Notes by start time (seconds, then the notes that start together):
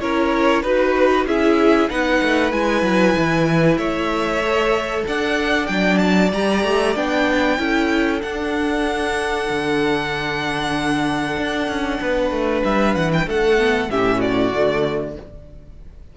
0.00 C#4 E4 A#4 C#5
0.62 D#4 F#4 B4
1.26 C#4 E4 G#4 E5
1.89 B3 D#4 B4 F#5
2.22 A3
2.52 G#3 E4 G#5
2.82 F#3
3.17 E3
3.77 A3 C#5 E5
4.43 A4
5.07 D4 D5 F#5
5.66 F#3 D4 G5
5.98 A5
6.32 G3 G4 A#5
6.63 A3
6.95 B3 D4 G5
7.58 C#4 E4 A4
8.20 D4 F#5
9.49 D3
11.37 D4
11.68 C#4
12.01 B3 B4
12.31 A3
12.64 G3 E5
12.95 E3 F#5
13.13 G5
13.26 A3 A4 F#5
13.57 B3
13.89 A2 C#4 G4 E5
14.17 F#4 D5
14.53 D3 A3